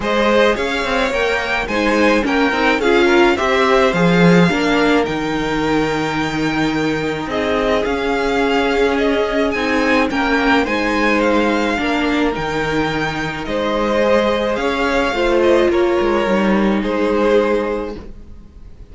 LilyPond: <<
  \new Staff \with { instrumentName = "violin" } { \time 4/4 \tempo 4 = 107 dis''4 f''4 g''4 gis''4 | g''4 f''4 e''4 f''4~ | f''4 g''2.~ | g''4 dis''4 f''2 |
dis''4 gis''4 g''4 gis''4 | f''2 g''2 | dis''2 f''4. dis''8 | cis''2 c''2 | }
  \new Staff \with { instrumentName = "violin" } { \time 4/4 c''4 cis''2 c''4 | ais'4 gis'8 ais'8 c''2 | ais'1~ | ais'4 gis'2.~ |
gis'2 ais'4 c''4~ | c''4 ais'2. | c''2 cis''4 c''4 | ais'2 gis'2 | }
  \new Staff \with { instrumentName = "viola" } { \time 4/4 gis'2 ais'4 dis'4 | cis'8 dis'8 f'4 g'4 gis'4 | d'4 dis'2.~ | dis'2 cis'2~ |
cis'4 dis'4 cis'4 dis'4~ | dis'4 d'4 dis'2~ | dis'4 gis'2 f'4~ | f'4 dis'2. | }
  \new Staff \with { instrumentName = "cello" } { \time 4/4 gis4 cis'8 c'8 ais4 gis4 | ais8 c'8 cis'4 c'4 f4 | ais4 dis2.~ | dis4 c'4 cis'2~ |
cis'4 c'4 ais4 gis4~ | gis4 ais4 dis2 | gis2 cis'4 a4 | ais8 gis8 g4 gis2 | }
>>